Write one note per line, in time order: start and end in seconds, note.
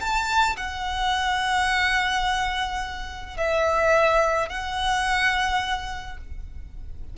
0.00 0.56 A5
0.56 3.37 F#5
3.37 4.49 E5
4.49 6.17 F#5